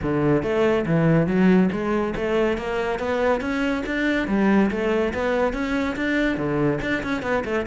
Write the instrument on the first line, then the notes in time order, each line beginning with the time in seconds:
cello
0.02 D3
0.42 A3
0.85 E3
1.26 F#3
1.72 G#3
2.16 A3
2.57 A#3
2.99 B3
3.40 C#4
3.86 D4
4.27 G3
4.70 A3
5.13 B3
5.53 C#4
5.96 D4
6.37 D3
6.81 D4
7.03 C#4
7.22 B3
7.44 A3